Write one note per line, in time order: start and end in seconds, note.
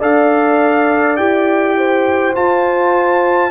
0.00 1.18 D4
0.00 1.18 A4
0.00 1.76 D5
0.00 1.17 F5
1.17 2.36 E4
1.17 2.35 G4
1.17 2.34 G5
1.78 3.51 C5
2.35 3.51 F4
2.35 3.51 A5